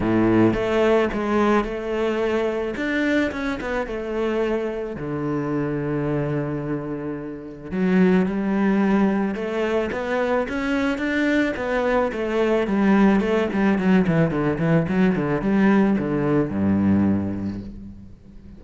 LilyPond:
\new Staff \with { instrumentName = "cello" } { \time 4/4 \tempo 4 = 109 a,4 a4 gis4 a4~ | a4 d'4 cis'8 b8 a4~ | a4 d2.~ | d2 fis4 g4~ |
g4 a4 b4 cis'4 | d'4 b4 a4 g4 | a8 g8 fis8 e8 d8 e8 fis8 d8 | g4 d4 g,2 | }